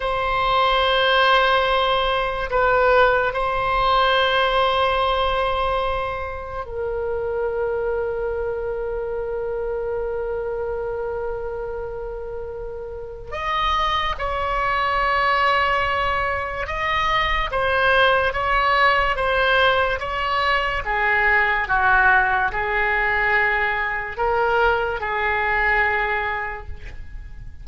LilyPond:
\new Staff \with { instrumentName = "oboe" } { \time 4/4 \tempo 4 = 72 c''2. b'4 | c''1 | ais'1~ | ais'1 |
dis''4 cis''2. | dis''4 c''4 cis''4 c''4 | cis''4 gis'4 fis'4 gis'4~ | gis'4 ais'4 gis'2 | }